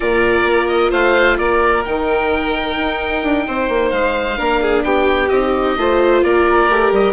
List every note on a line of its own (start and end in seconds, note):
0.00 0.44 A#2
0.00 1.85 F4
0.00 0.90 A#4
0.00 0.67 D5
0.44 0.90 A#3
0.67 0.91 D#5
0.90 1.38 A3
0.90 1.36 C5
0.90 1.38 F5
1.38 1.84 A#3
1.38 3.45 A#4
1.38 1.84 D5
1.84 2.76 D#3
1.84 4.36 D#4
1.84 3.90 G5
2.76 3.22 D#4
3.22 3.46 D4
3.47 3.68 C4
3.47 4.37 C5
3.68 3.92 A#3
3.90 4.38 G#3
3.90 4.83 F5
4.36 4.83 A#3
4.36 5.28 D4
4.36 4.60 A#4
4.61 4.84 G#4
4.83 5.29 B3
4.83 5.78 G4
4.83 5.28 G5
5.28 5.76 C4
5.28 5.78 D#4
5.28 6.21 D#5
5.76 6.22 A3
5.76 6.69 F4
5.76 6.24 C5
6.23 6.68 A#3
6.23 7.13 A#4
6.23 6.92 D5
6.68 6.91 A3
6.68 7.13 G4
6.91 7.13 G3
6.91 7.13 D#5